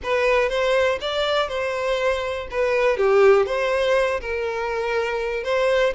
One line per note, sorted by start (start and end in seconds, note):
0.03 0.49 B4
0.49 0.98 C5
1.01 1.48 D5
1.48 2.47 C5
2.50 2.97 B4
2.97 3.46 G4
3.46 4.20 C5
4.20 5.43 A#4
5.43 5.93 C5